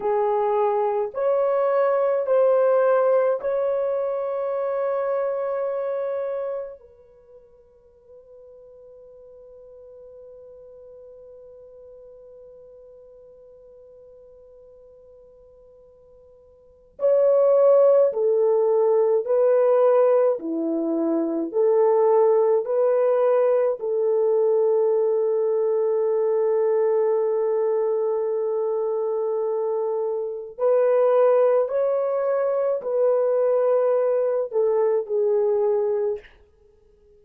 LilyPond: \new Staff \with { instrumentName = "horn" } { \time 4/4 \tempo 4 = 53 gis'4 cis''4 c''4 cis''4~ | cis''2 b'2~ | b'1~ | b'2. cis''4 |
a'4 b'4 e'4 a'4 | b'4 a'2.~ | a'2. b'4 | cis''4 b'4. a'8 gis'4 | }